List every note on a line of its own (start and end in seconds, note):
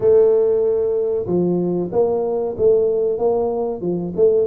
0.00 1.26 A3
1.26 1.90 F3
1.92 2.56 A#3
2.57 3.18 A3
3.18 3.81 A#3
3.81 4.13 F3
4.15 4.47 A3